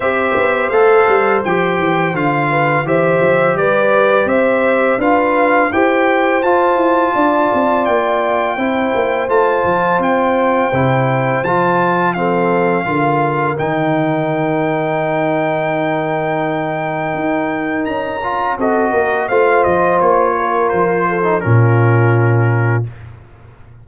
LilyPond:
<<
  \new Staff \with { instrumentName = "trumpet" } { \time 4/4 \tempo 4 = 84 e''4 f''4 g''4 f''4 | e''4 d''4 e''4 f''4 | g''4 a''2 g''4~ | g''4 a''4 g''2 |
a''4 f''2 g''4~ | g''1~ | g''4 ais''4 dis''4 f''8 dis''8 | cis''4 c''4 ais'2 | }
  \new Staff \with { instrumentName = "horn" } { \time 4/4 c''2.~ c''8 b'8 | c''4 b'4 c''4 b'4 | c''2 d''2 | c''1~ |
c''4 a'4 ais'2~ | ais'1~ | ais'2 a'8 ais'8 c''4~ | c''8 ais'4 a'8 f'2 | }
  \new Staff \with { instrumentName = "trombone" } { \time 4/4 g'4 a'4 g'4 f'4 | g'2. f'4 | g'4 f'2. | e'4 f'2 e'4 |
f'4 c'4 f'4 dis'4~ | dis'1~ | dis'4. f'8 fis'4 f'4~ | f'4.~ f'16 dis'16 cis'2 | }
  \new Staff \with { instrumentName = "tuba" } { \time 4/4 c'8 b8 a8 g8 f8 e8 d4 | e8 f8 g4 c'4 d'4 | e'4 f'8 e'8 d'8 c'8 ais4 | c'8 ais8 a8 f8 c'4 c4 |
f2 d4 dis4~ | dis1 | dis'4 cis'4 c'8 ais8 a8 f8 | ais4 f4 ais,2 | }
>>